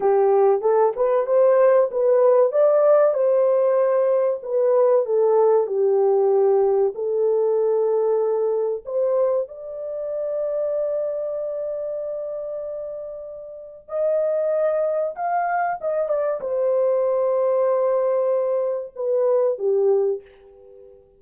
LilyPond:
\new Staff \with { instrumentName = "horn" } { \time 4/4 \tempo 4 = 95 g'4 a'8 b'8 c''4 b'4 | d''4 c''2 b'4 | a'4 g'2 a'4~ | a'2 c''4 d''4~ |
d''1~ | d''2 dis''2 | f''4 dis''8 d''8 c''2~ | c''2 b'4 g'4 | }